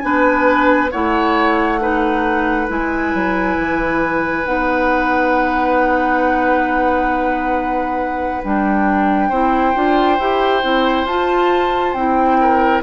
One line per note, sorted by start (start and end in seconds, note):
0.00 0.92 B3
0.00 0.90 D4
0.00 0.92 B4
0.00 0.88 G#5
0.92 2.70 A3
0.92 1.80 E4
0.92 1.80 C#5
0.92 2.68 F#5
1.80 2.68 D#4
1.80 9.30 B4
2.68 3.14 G#3
2.68 4.44 E4
2.68 4.46 G#5
3.14 3.58 F#3
3.58 4.46 E3
4.45 8.43 B3
4.45 8.42 D#4
4.45 8.43 F#5
8.44 9.31 G3
8.44 9.32 D4
8.44 11.07 G5
9.30 9.75 C4
9.30 9.75 E4
9.30 12.38 C5
9.75 10.20 D4
9.75 10.19 F4
10.20 10.64 E4
10.20 10.63 G4
10.63 11.05 C4
10.63 11.07 E4
11.05 11.93 F4
11.05 11.97 F4
11.05 11.94 A5
11.94 12.83 C4
11.94 12.83 E4
11.94 12.82 G5
12.41 12.83 A#4